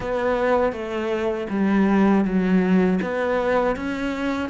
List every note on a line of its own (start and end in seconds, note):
0.00 0.72 B3
0.72 1.47 A3
1.49 2.24 G3
2.24 2.99 F#3
3.02 3.75 B3
3.75 4.49 C#4